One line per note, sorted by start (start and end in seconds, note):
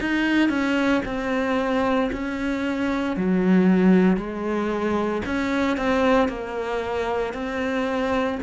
0.00 0.49 D#4
0.49 1.01 C#4
1.05 2.10 C4
2.12 3.16 C#4
3.16 4.17 F#3
4.17 5.22 G#3
5.25 5.77 C#4
5.77 6.28 C4
6.28 7.33 A#3
7.33 8.39 C4